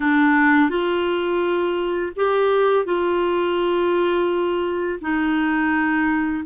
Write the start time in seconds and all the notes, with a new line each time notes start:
0.00 D4
0.69 F4
2.16 G4
2.85 F4
5.01 D#4